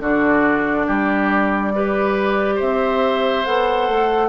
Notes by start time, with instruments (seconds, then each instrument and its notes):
0.00 bassoon D3, clarinet D4, oboe F#4, flute D5
0.87 bassoon G3, oboe G4
1.74 clarinet G4, oboe B4
2.56 bassoon C4, oboe C5, flute E5
3.46 bassoon B3, clarinet A4, flute F#5
3.89 bassoon A3